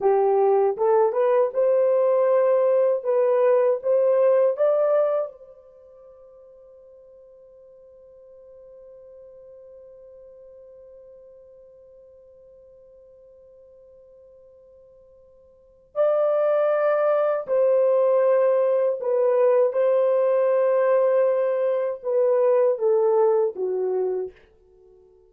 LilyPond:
\new Staff \with { instrumentName = "horn" } { \time 4/4 \tempo 4 = 79 g'4 a'8 b'8 c''2 | b'4 c''4 d''4 c''4~ | c''1~ | c''1~ |
c''1~ | c''4 d''2 c''4~ | c''4 b'4 c''2~ | c''4 b'4 a'4 fis'4 | }